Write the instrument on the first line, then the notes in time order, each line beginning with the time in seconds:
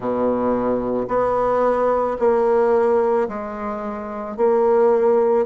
bassoon
0.00 B2
1.08 B3
2.19 A#3
3.28 G#3
4.36 A#3